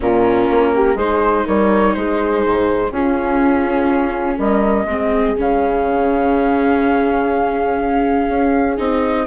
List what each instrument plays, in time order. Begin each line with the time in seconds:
0.00 bassoon A#2, viola C#4, horn F4, flute A#4
0.50 bassoon A#3
0.74 horn G4
0.95 bassoon G#3, viola D#4, horn G#4, flute C5
1.46 bassoon G3, horn A#4, flute C#5
1.94 bassoon G#3, horn G#4, flute C5
2.45 bassoon G#2
2.91 bassoon C#4, viola C#4, horn F4, flute G#4
4.37 bassoon G3, horn A#4, flute D#5
4.84 bassoon G#3, viola C4, horn G#4
5.37 bassoon C#3, viola C#4, flute F5
8.28 bassoon C#4
8.77 bassoon C4, viola D#4, flute D#5